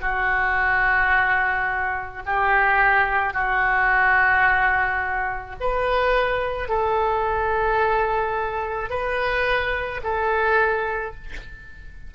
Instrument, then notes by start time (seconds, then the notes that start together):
oboe
0.00 F#4
2.25 G4
3.33 F#4
5.60 B4
6.68 A4
8.89 B4
10.03 A4